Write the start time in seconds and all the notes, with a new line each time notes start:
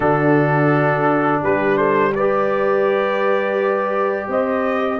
0.00 D3 D4 F#4 A4
1.41 G3 G4 B4
1.77 A4 C5
2.14 G4 B4 D5
4.27 C4 C5 D#5